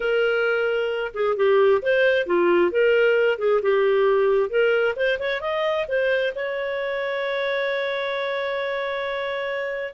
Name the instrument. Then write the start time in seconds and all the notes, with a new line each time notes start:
clarinet
0.00 A#4
1.14 G#4
1.36 G4
1.82 C5
2.26 F4
2.71 A#4
3.38 G#4
3.62 G4
4.49 A#4
4.95 C5
5.19 C#5
5.40 D#5
5.87 C5
6.35 C#5